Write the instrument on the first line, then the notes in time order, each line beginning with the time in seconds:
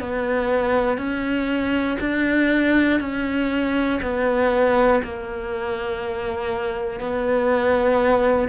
cello
0.00 B3
0.98 C#4
2.00 D4
3.00 C#4
4.02 B3
5.04 A#3
7.00 B3